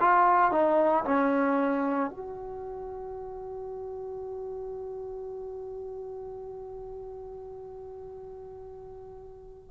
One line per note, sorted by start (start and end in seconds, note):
0.00 0.52 F4
0.52 1.04 D#4
1.05 2.10 C#4
2.10 9.71 F#4